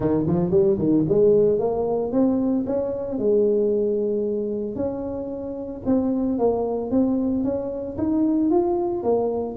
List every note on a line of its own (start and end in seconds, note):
0.00 0.25 D#3
0.26 0.50 F3
0.50 0.77 G3
0.78 1.05 D#3
1.09 1.59 G#3
1.59 2.12 A#3
2.12 2.65 C4
2.66 3.18 C#4
3.18 4.75 G#3
4.75 5.81 C#4
5.85 6.38 C4
6.38 6.90 A#3
6.90 7.43 C4
7.44 7.97 C#4
7.97 8.50 D#4
8.50 9.03 F4
9.03 9.56 A#3